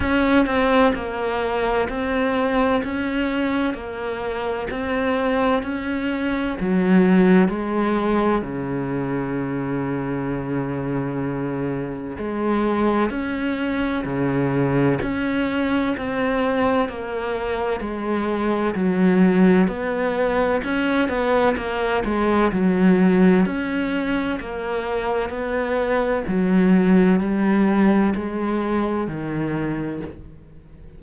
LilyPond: \new Staff \with { instrumentName = "cello" } { \time 4/4 \tempo 4 = 64 cis'8 c'8 ais4 c'4 cis'4 | ais4 c'4 cis'4 fis4 | gis4 cis2.~ | cis4 gis4 cis'4 cis4 |
cis'4 c'4 ais4 gis4 | fis4 b4 cis'8 b8 ais8 gis8 | fis4 cis'4 ais4 b4 | fis4 g4 gis4 dis4 | }